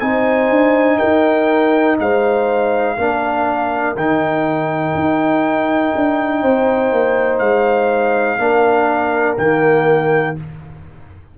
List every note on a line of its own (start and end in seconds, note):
0.00 0.50 C4
0.00 2.97 D#4
0.00 0.99 C5
0.00 0.98 G#5
0.50 1.00 D4
0.98 1.99 D#4
0.98 1.97 A#4
0.98 1.97 G5
1.99 2.98 G#3
1.99 2.97 C5
1.99 3.97 F5
2.97 3.95 A#3
2.97 3.96 D4
2.97 6.42 A#4
3.95 4.94 D#3
3.95 8.39 D#4
3.95 7.39 G5
4.95 5.93 D#4
5.96 6.43 D4
6.42 6.92 C4
6.42 8.38 C5
6.92 7.40 A#3
7.39 8.38 G#3
7.39 9.35 F5
8.38 9.36 A#3
8.38 9.37 D4
8.38 10.38 A#4
9.38 10.36 D#3
9.38 10.37 A#3
9.38 10.36 G5